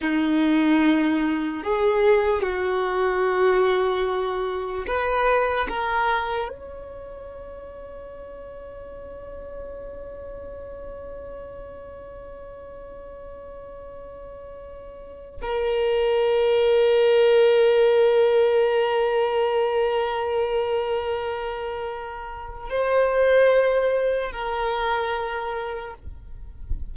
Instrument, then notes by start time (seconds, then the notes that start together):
violin
0.01 D#4
1.63 G#4
2.42 F#4
4.86 B4
5.68 A#4
6.49 C#5
15.41 A#4
22.69 C5
24.31 A#4